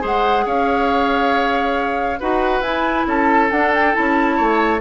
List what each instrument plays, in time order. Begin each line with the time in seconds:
0.00 bassoon G#3, clarinet G#4, oboe C5, flute F#5
0.46 bassoon C#4, oboe C#5, flute F5
2.19 bassoon D#4, clarinet F#4, oboe B4, flute F#5
2.61 bassoon E4, clarinet E4, flute G#5
3.07 bassoon C#4, oboe A4, flute A5
3.51 bassoon D4, clarinet D4, flute F#5
3.75 flute G5
3.93 bassoon C#4, clarinet E4, flute A5
4.36 bassoon A3, oboe C#5